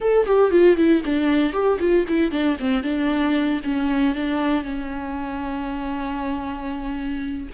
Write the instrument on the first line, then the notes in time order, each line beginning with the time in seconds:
viola
0.00 A4
0.26 G4
0.50 F4
0.76 E4
1.05 D4
1.53 G4
1.79 F4
2.08 E4
2.31 D4
2.59 C4
2.83 D4
3.63 C#4
4.15 D4
4.63 C#4